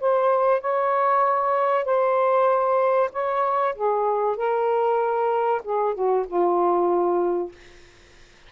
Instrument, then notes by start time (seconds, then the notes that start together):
saxophone
0.00 C5
0.61 C#5
1.85 C5
3.12 C#5
3.75 G#4
4.36 A#4
5.64 G#4
5.94 F#4
6.27 F4